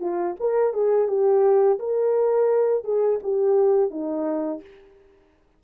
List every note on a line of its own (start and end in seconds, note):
0.00 0.35 F4
0.40 0.74 A#4
0.74 1.08 G#4
1.08 1.79 G4
1.79 2.84 A#4
2.84 3.20 G#4
3.23 3.91 G4
3.91 4.61 D#4